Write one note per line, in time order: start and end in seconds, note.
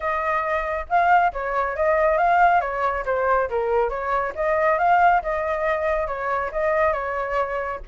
0.00 0.86 D#5
0.89 1.32 F5
1.32 1.76 C#5
1.76 2.17 D#5
2.17 2.60 F5
2.60 3.04 C#5
3.05 3.49 C5
3.49 3.89 A#4
3.89 4.33 C#5
4.35 4.78 D#5
4.78 5.22 F5
5.22 6.07 D#5
6.07 6.50 C#5
6.52 6.92 D#5
6.92 7.79 C#5